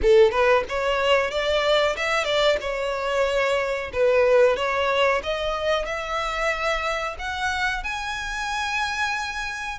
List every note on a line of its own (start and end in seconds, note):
0.01 0.31 A4
0.31 0.63 B4
0.68 1.30 C#5
1.30 1.96 D5
1.96 2.24 E5
2.24 2.57 D5
2.60 3.91 C#5
3.92 4.56 B4
4.56 5.21 C#5
5.23 5.85 D#5
5.85 7.16 E5
7.18 7.83 F#5
7.83 9.78 G#5